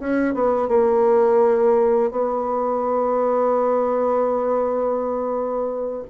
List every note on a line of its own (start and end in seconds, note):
0.00 0.34 C#4
0.34 0.69 B3
0.69 2.11 A#3
2.11 6.04 B3